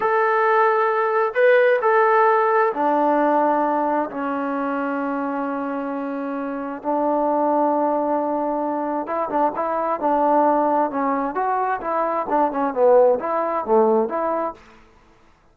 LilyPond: \new Staff \with { instrumentName = "trombone" } { \time 4/4 \tempo 4 = 132 a'2. b'4 | a'2 d'2~ | d'4 cis'2.~ | cis'2. d'4~ |
d'1 | e'8 d'8 e'4 d'2 | cis'4 fis'4 e'4 d'8 cis'8 | b4 e'4 a4 e'4 | }